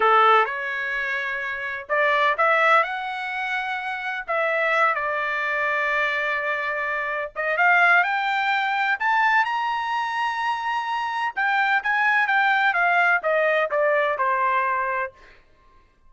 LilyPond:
\new Staff \with { instrumentName = "trumpet" } { \time 4/4 \tempo 4 = 127 a'4 cis''2. | d''4 e''4 fis''2~ | fis''4 e''4. d''4.~ | d''2.~ d''8 dis''8 |
f''4 g''2 a''4 | ais''1 | g''4 gis''4 g''4 f''4 | dis''4 d''4 c''2 | }